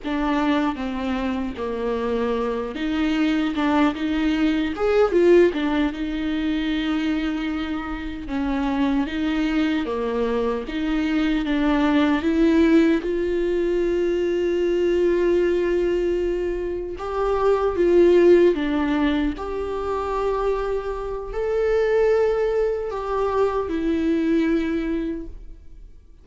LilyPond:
\new Staff \with { instrumentName = "viola" } { \time 4/4 \tempo 4 = 76 d'4 c'4 ais4. dis'8~ | dis'8 d'8 dis'4 gis'8 f'8 d'8 dis'8~ | dis'2~ dis'8 cis'4 dis'8~ | dis'8 ais4 dis'4 d'4 e'8~ |
e'8 f'2.~ f'8~ | f'4. g'4 f'4 d'8~ | d'8 g'2~ g'8 a'4~ | a'4 g'4 e'2 | }